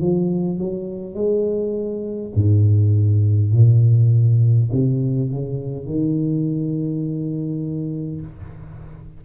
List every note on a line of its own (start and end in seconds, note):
0.00 0.58 F3
0.58 1.14 F#3
1.14 2.32 G#3
2.35 3.52 G#2
3.52 4.70 A#2
4.72 5.30 C3
5.30 5.86 C#3
5.86 8.21 D#3